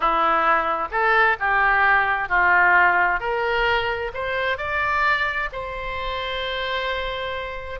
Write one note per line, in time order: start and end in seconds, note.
0.00 0.88 E4
0.91 1.36 A4
1.39 2.29 G4
2.29 3.20 F4
3.20 4.11 A#4
4.14 4.57 C5
4.57 5.49 D5
5.52 7.79 C5